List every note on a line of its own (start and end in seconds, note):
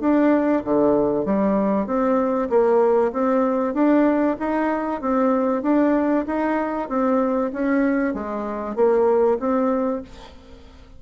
0.00 0.62 D4
0.64 1.25 D3
1.25 1.86 G3
1.86 2.49 C4
2.49 3.12 A#3
3.12 3.74 C4
3.74 4.36 D4
4.39 5.01 D#4
5.01 5.62 C4
5.62 6.25 D4
6.26 6.89 D#4
6.89 7.51 C4
7.53 8.14 C#4
8.14 8.75 G#3
8.75 9.38 A#3
9.39 10.02 C4